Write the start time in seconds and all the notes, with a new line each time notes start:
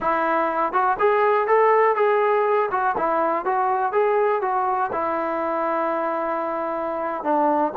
0.00 E4
0.72 F#4
0.99 G#4
1.47 A4
1.95 G#4
2.71 F#4
2.97 E4
3.45 F#4
3.92 G#4
4.42 F#4
4.92 E4
7.23 D4